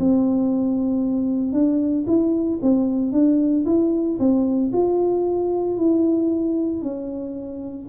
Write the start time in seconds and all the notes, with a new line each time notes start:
0.00 C4
1.53 D4
2.07 E4
2.63 C4
3.12 D4
3.66 E4
4.20 C4
4.74 F4
5.78 E4
6.82 C#4